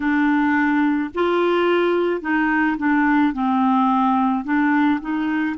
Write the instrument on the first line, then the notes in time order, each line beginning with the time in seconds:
clarinet
0.00 D4
1.14 F4
2.21 D#4
2.77 D4
3.33 C4
4.44 D4
5.00 D#4